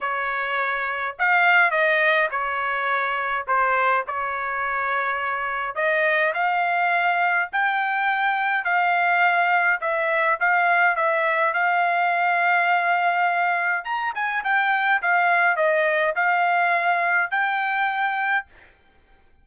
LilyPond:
\new Staff \with { instrumentName = "trumpet" } { \time 4/4 \tempo 4 = 104 cis''2 f''4 dis''4 | cis''2 c''4 cis''4~ | cis''2 dis''4 f''4~ | f''4 g''2 f''4~ |
f''4 e''4 f''4 e''4 | f''1 | ais''8 gis''8 g''4 f''4 dis''4 | f''2 g''2 | }